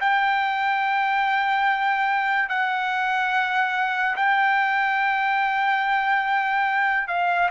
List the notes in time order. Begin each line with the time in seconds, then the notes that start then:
0.00 G5
2.49 F#5
4.16 G5
7.08 F5